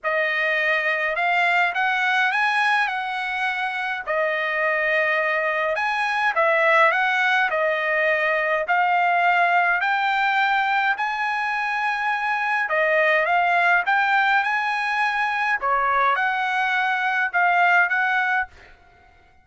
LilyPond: \new Staff \with { instrumentName = "trumpet" } { \time 4/4 \tempo 4 = 104 dis''2 f''4 fis''4 | gis''4 fis''2 dis''4~ | dis''2 gis''4 e''4 | fis''4 dis''2 f''4~ |
f''4 g''2 gis''4~ | gis''2 dis''4 f''4 | g''4 gis''2 cis''4 | fis''2 f''4 fis''4 | }